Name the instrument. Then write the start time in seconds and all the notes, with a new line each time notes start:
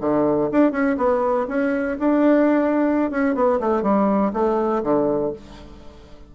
bassoon
0.00 D3
0.51 D4
0.71 C#4
0.97 B3
1.48 C#4
1.99 D4
3.11 C#4
3.35 B3
3.60 A3
3.82 G3
4.33 A3
4.83 D3